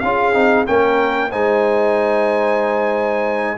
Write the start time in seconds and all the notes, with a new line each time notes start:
0.00 C#4 F4 G#4 F5
0.33 C4 D#4
0.67 A#3 C#4 A#4 G5
1.31 G#3 D#4 C5 G#5